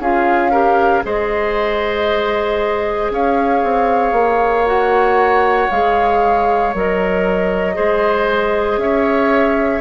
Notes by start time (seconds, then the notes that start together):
0.00 C#4 F4 G#4 F5
0.52 G4 A#4
1.03 G#3 G#4 C5 D#5
3.11 C#4 C#5 F5
3.64 C4
4.12 A#3
4.66 F#4 F#5
5.71 G#3 G#4 F5
6.74 F#3 A#4 D#5
7.75 G#3 G#4 C5
8.78 C#4 C#5 E5